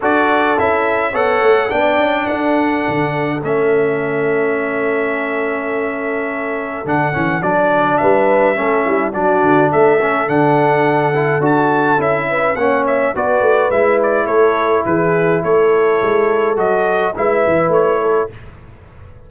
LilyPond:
<<
  \new Staff \with { instrumentName = "trumpet" } { \time 4/4 \tempo 4 = 105 d''4 e''4 fis''4 g''4 | fis''2 e''2~ | e''1 | fis''4 d''4 e''2 |
d''4 e''4 fis''2 | a''4 e''4 fis''8 e''8 d''4 | e''8 d''8 cis''4 b'4 cis''4~ | cis''4 dis''4 e''4 cis''4 | }
  \new Staff \with { instrumentName = "horn" } { \time 4/4 a'2 cis''4 d''4 | a'1~ | a'1~ | a'2 b'4 a'8 e'8 |
fis'4 a'2.~ | a'4. b'8 cis''4 b'4~ | b'4 a'4 gis'4 a'4~ | a'2 b'4. a'8 | }
  \new Staff \with { instrumentName = "trombone" } { \time 4/4 fis'4 e'4 a'4 d'4~ | d'2 cis'2~ | cis'1 | d'8 cis'8 d'2 cis'4 |
d'4. cis'8 d'4. e'8 | fis'4 e'4 cis'4 fis'4 | e'1~ | e'4 fis'4 e'2 | }
  \new Staff \with { instrumentName = "tuba" } { \time 4/4 d'4 cis'4 b8 a8 b8 cis'8 | d'4 d4 a2~ | a1 | d8 e8 fis4 g4 a8 g8 |
fis8 d8 a4 d2 | d'4 cis'4 ais4 b8 a8 | gis4 a4 e4 a4 | gis4 fis4 gis8 e8 a4 | }
>>